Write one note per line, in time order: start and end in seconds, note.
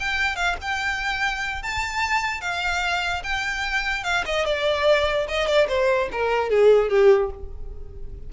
0.00 0.36 G5
0.36 0.56 F5
0.61 1.63 G5
1.63 2.41 A5
2.41 3.23 F5
3.23 4.04 G5
4.04 4.24 F5
4.26 4.46 D#5
4.46 5.27 D5
5.28 5.47 D#5
5.47 5.67 D5
5.68 6.09 C5
6.12 6.50 A#4
6.50 6.89 G#4
6.89 7.30 G4